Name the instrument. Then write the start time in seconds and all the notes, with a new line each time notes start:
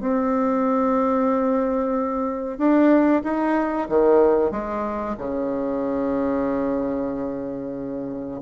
bassoon
0.00 C4
2.58 D4
3.23 D#4
3.89 D#3
4.51 G#3
5.18 C#3